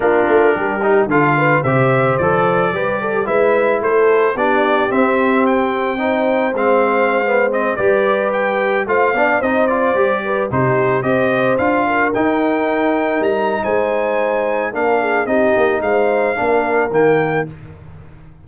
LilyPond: <<
  \new Staff \with { instrumentName = "trumpet" } { \time 4/4 \tempo 4 = 110 ais'2 f''4 e''4 | d''2 e''4 c''4 | d''4 e''4 g''2 | f''4.~ f''16 dis''8 d''4 g''8.~ |
g''16 f''4 dis''8 d''4. c''8.~ | c''16 dis''4 f''4 g''4.~ g''16~ | g''16 ais''8. gis''2 f''4 | dis''4 f''2 g''4 | }
  \new Staff \with { instrumentName = "horn" } { \time 4/4 f'4 g'4 a'8 b'8 c''4~ | c''4 b'8 a'8 b'4 a'4 | g'2. c''4~ | c''2~ c''16 b'4.~ b'16~ |
b'16 c''8 d''8 c''4. b'8 g'8.~ | g'16 c''4. ais'2~ ais'16~ | ais'4 c''2 ais'8 gis'8 | g'4 c''4 ais'2 | }
  \new Staff \with { instrumentName = "trombone" } { \time 4/4 d'4. dis'8 f'4 g'4 | a'4 g'4 e'2 | d'4 c'2 dis'4 | c'4~ c'16 b8 c'8 g'4.~ g'16~ |
g'16 f'8 d'8 dis'8 f'8 g'4 dis'8.~ | dis'16 g'4 f'4 dis'4.~ dis'16~ | dis'2. d'4 | dis'2 d'4 ais4 | }
  \new Staff \with { instrumentName = "tuba" } { \time 4/4 ais8 a8 g4 d4 c4 | f4 g4 gis4 a4 | b4 c'2. | gis2~ gis16 g4.~ g16~ |
g16 a8 b8 c'4 g4 c8.~ | c16 c'4 d'4 dis'4.~ dis'16~ | dis'16 g8. gis2 ais4 | c'8 ais8 gis4 ais4 dis4 | }
>>